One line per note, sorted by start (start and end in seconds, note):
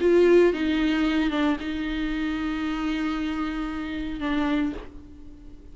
0.00 0.53 F4
0.53 1.30 D#4
1.30 1.56 D4
1.59 4.20 D#4
4.20 4.72 D4